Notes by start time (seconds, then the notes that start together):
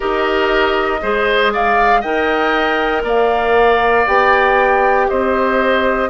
0.00 D#4 G4 A#4 D#5
1.01 G#3 G#4 C5
1.52 D5 F5
2.00 D#4 A#4 D#5 G5
3.04 A#3 D5 F5
4.06 B3 G4 G5
5.08 C4 C5 D#5